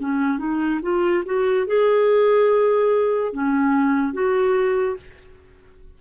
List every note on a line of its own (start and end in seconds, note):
0.00 0.38 C#4
0.38 0.80 D#4
0.82 1.23 F4
1.25 1.67 F#4
1.67 3.33 G#4
3.33 4.13 C#4
4.13 4.97 F#4